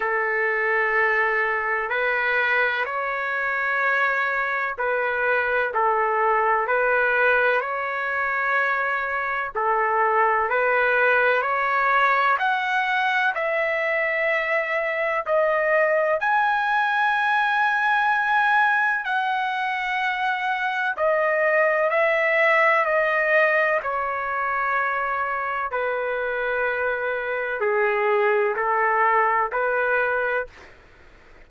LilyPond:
\new Staff \with { instrumentName = "trumpet" } { \time 4/4 \tempo 4 = 63 a'2 b'4 cis''4~ | cis''4 b'4 a'4 b'4 | cis''2 a'4 b'4 | cis''4 fis''4 e''2 |
dis''4 gis''2. | fis''2 dis''4 e''4 | dis''4 cis''2 b'4~ | b'4 gis'4 a'4 b'4 | }